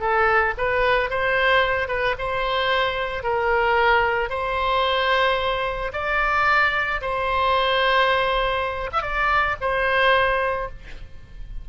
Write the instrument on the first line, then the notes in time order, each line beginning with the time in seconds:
oboe
0.00 A4
0.57 B4
1.10 C5
1.88 B4
2.18 C5
3.24 A#4
4.30 C5
5.93 D5
7.01 C5
8.93 E5
9.02 D5
9.61 C5